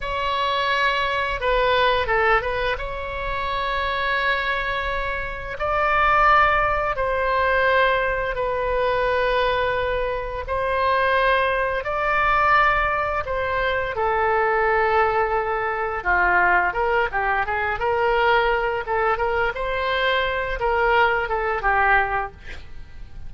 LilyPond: \new Staff \with { instrumentName = "oboe" } { \time 4/4 \tempo 4 = 86 cis''2 b'4 a'8 b'8 | cis''1 | d''2 c''2 | b'2. c''4~ |
c''4 d''2 c''4 | a'2. f'4 | ais'8 g'8 gis'8 ais'4. a'8 ais'8 | c''4. ais'4 a'8 g'4 | }